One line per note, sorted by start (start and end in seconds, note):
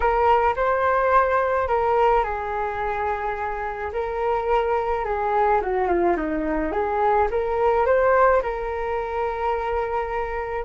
0.00 0.54 A#4
0.56 1.67 C5
1.67 2.23 A#4
2.23 3.91 G#4
3.93 5.04 A#4
5.04 5.60 G#4
5.61 5.88 F#4
5.88 6.15 F4
6.17 6.71 D#4
6.71 7.28 G#4
7.30 7.86 A#4
7.86 8.42 C5
8.42 10.64 A#4